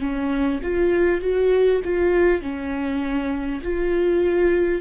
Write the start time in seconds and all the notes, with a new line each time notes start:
0.00 C#4
0.62 F4
1.21 F#4
1.84 F4
2.42 C#4
3.63 F4